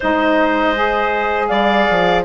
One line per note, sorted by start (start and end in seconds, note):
0.00 1.50 G#3
0.00 0.74 D#4
0.00 1.47 C5
0.00 1.47 D#5
0.74 2.24 G#4
1.47 1.87 G3
1.47 2.24 D5
1.47 2.22 F5
1.90 2.25 F3